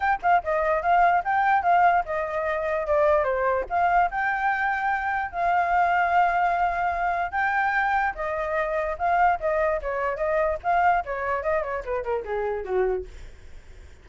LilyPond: \new Staff \with { instrumentName = "flute" } { \time 4/4 \tempo 4 = 147 g''8 f''8 dis''4 f''4 g''4 | f''4 dis''2 d''4 | c''4 f''4 g''2~ | g''4 f''2.~ |
f''2 g''2 | dis''2 f''4 dis''4 | cis''4 dis''4 f''4 cis''4 | dis''8 cis''8 b'8 ais'8 gis'4 fis'4 | }